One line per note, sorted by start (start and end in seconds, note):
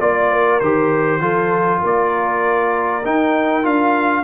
0.00 0.61 A#3
0.00 0.61 F4
0.00 0.60 D5
0.00 0.31 D5
0.31 1.21 A#4
0.60 1.20 D#3
0.60 1.21 G4
0.60 1.81 C5
1.20 1.80 F3
1.20 3.03 F4
1.20 1.80 A4
1.80 3.05 A#3
1.80 4.23 A#4
1.80 3.05 D5
3.04 3.63 D#4
3.04 3.65 D#4
3.04 3.66 G5
3.63 4.24 D4
3.63 4.24 F4
3.63 4.24 F5